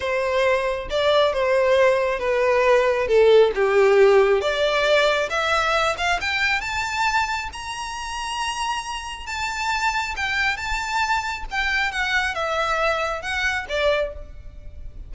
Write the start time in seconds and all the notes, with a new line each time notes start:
0.00 C5
0.89 D5
1.33 C5
2.19 B4
3.07 A4
3.54 G4
4.41 D5
5.29 E5
5.97 F5
6.20 G5
6.60 A5
7.52 A#5
9.26 A5
10.16 G5
10.56 A5
11.50 G5
11.91 F#5
12.34 E5
13.22 F#5
13.69 D5